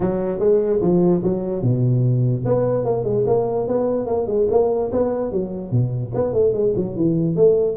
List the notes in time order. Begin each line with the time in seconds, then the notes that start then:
0.00 F#3
0.39 G#3
0.81 F3
1.23 F#3
1.62 B2
2.45 B3
2.84 A#3
3.04 G#3
3.26 A#3
3.67 B3
4.06 A#3
4.26 G#3
4.50 A#3
4.92 B3
5.31 F#3
5.71 B2
6.14 B3
6.33 A3
6.53 G#3
6.76 F#3
6.96 E3
7.36 A3